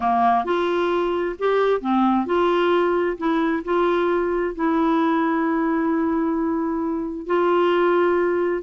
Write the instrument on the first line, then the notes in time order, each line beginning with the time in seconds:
clarinet
0.00 A#3
0.44 F4
1.38 G4
1.80 C4
2.26 F4
3.17 E4
3.64 F4
4.55 E4
7.26 F4